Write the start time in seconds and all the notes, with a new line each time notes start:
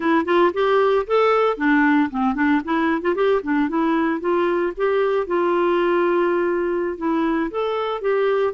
0.00 E4
0.25 F4
0.53 G4
1.06 A4
1.57 D4
2.10 C4
2.34 D4
2.64 E4
3.01 F4
3.15 G4
3.42 D4
3.68 E4
4.20 F4
4.76 G4
5.26 F4
6.97 E4
7.50 A4
8.01 G4